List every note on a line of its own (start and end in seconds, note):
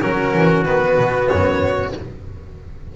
0.00 0.34 F#3
0.00 0.65 C#4
0.00 1.94 F#4
0.00 0.64 A#4
0.34 0.65 E3
0.64 0.97 D#3
0.64 1.92 B3
0.64 1.28 B4
0.97 1.29 B2
1.28 1.95 F#2
1.28 1.92 C#5